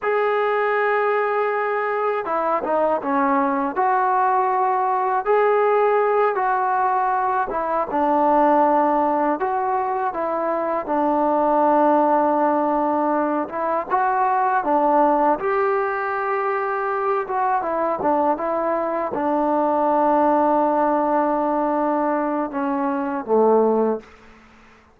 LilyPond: \new Staff \with { instrumentName = "trombone" } { \time 4/4 \tempo 4 = 80 gis'2. e'8 dis'8 | cis'4 fis'2 gis'4~ | gis'8 fis'4. e'8 d'4.~ | d'8 fis'4 e'4 d'4.~ |
d'2 e'8 fis'4 d'8~ | d'8 g'2~ g'8 fis'8 e'8 | d'8 e'4 d'2~ d'8~ | d'2 cis'4 a4 | }